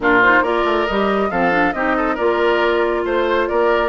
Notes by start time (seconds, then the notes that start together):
0.00 A#2 D4 F4 A#4
0.22 D#4 C5
0.41 A#3 F4 A#4 D5
0.64 A3
0.87 G3 G4 D#5
1.30 F3 C4 A4 F5
1.51 D4
1.73 C4 D#4 G4 D#5
1.96 A4
2.14 A#3 F4 A#4 D5
3.05 A3 C5
3.48 A#3 A#4 D5